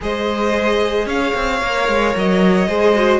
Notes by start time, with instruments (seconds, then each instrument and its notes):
0.00 cello G#3, viola G#4, violin C5 D#5
1.06 cello C#4, violin C#5 F5
1.34 cello C4
1.61 cello A#3, viola A#4
1.88 cello G#3
2.15 cello F#3, violin D#5
2.67 cello G#3, viola G#4, violin C5
2.95 viola F#4